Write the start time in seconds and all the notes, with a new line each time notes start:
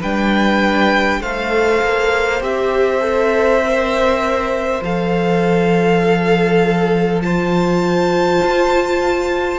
0.00 G3 D4 B4 G5
1.21 A3 A4 C5 F5
1.82 A#3
2.41 C4 G4 E5
3.01 A4
3.65 A#4
4.82 F3 A4 F5
6.03 A4
7.22 F4 C5 A5
8.45 F4